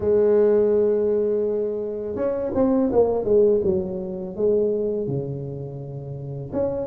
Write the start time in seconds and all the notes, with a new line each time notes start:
0.00 G#3
2.15 C#4
2.54 C4
2.91 A#3
3.24 G#3
3.63 F#3
4.36 G#3
5.07 C#3
6.52 C#4